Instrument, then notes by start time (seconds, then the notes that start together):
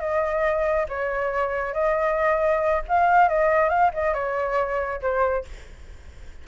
flute
0.00 D#5
0.89 C#5
1.74 D#5
2.89 F5
3.29 D#5
3.70 F5
3.94 D#5
4.14 C#5
5.02 C5